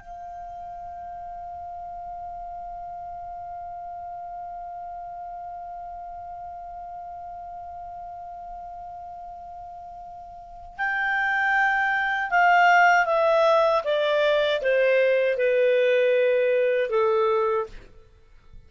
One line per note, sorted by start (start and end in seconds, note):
0.00 10.77 F5
10.78 12.31 G5
12.31 13.06 F5
13.06 13.83 E5
13.85 14.62 D5
14.62 15.38 C5
15.38 16.90 B4
16.90 17.67 A4